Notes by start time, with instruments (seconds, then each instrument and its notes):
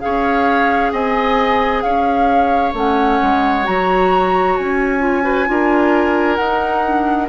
0.00 bassoon C#4, clarinet G#4, oboe C#5, flute F5
0.92 bassoon C4, oboe D#5, flute G#5
1.81 bassoon C#4, oboe C#5, flute F5
2.73 bassoon A3, clarinet C#4, flute F#5
3.22 bassoon G#3
3.64 bassoon F#3, clarinet F#4, flute A#5
4.57 bassoon C#4, flute G#5
4.99 clarinet F4
5.22 clarinet F#4, oboe B4
5.46 bassoon D4, clarinet F4, oboe A#4
6.35 bassoon D#4, clarinet D#4, flute F#5
6.85 clarinet D4